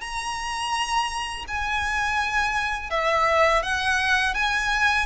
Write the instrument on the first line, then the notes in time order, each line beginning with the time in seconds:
violin
0.00 A#5
1.47 G#5
2.90 E5
3.62 F#5
4.34 G#5